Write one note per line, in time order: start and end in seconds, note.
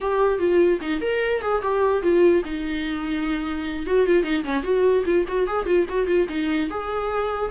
0.01 0.39 G4
0.39 0.79 F4
0.81 1.01 D#4
1.01 1.41 A#4
1.41 1.61 G#4
1.62 2.02 G4
2.02 2.43 F4
2.44 3.86 D#4
3.86 4.06 F#4
4.06 4.23 F4
4.23 4.43 D#4
4.44 4.63 C#4
4.63 5.03 F#4
5.05 5.25 F4
5.28 5.47 F#4
5.47 5.66 G#4
5.66 5.86 F4
5.89 6.06 F#4
6.06 6.27 F4
6.28 6.69 D#4
6.70 7.50 G#4